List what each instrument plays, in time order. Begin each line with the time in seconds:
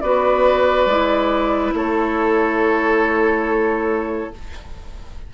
0.00 bassoon B3, clarinet F#4, oboe B4, flute D5
0.86 bassoon G#3, clarinet E4
1.74 bassoon A3, oboe A4, flute C#5